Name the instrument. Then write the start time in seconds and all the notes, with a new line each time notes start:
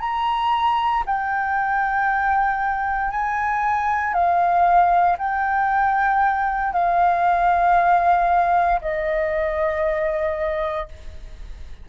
flute
0.00 A#5
1.06 G5
3.11 G#5
4.13 F5
5.18 G5
6.73 F5
8.81 D#5